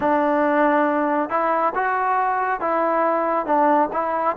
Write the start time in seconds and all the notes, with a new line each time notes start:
0.00 D4
1.29 E4
1.74 F#4
2.60 E4
3.45 D4
3.92 E4